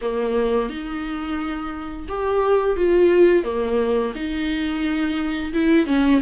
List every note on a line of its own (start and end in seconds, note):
0.01 0.69 A#3
0.69 2.07 D#4
2.08 2.76 G4
2.76 3.44 F4
3.44 4.13 A#3
4.15 5.53 D#4
5.53 5.86 E4
5.86 6.20 C#4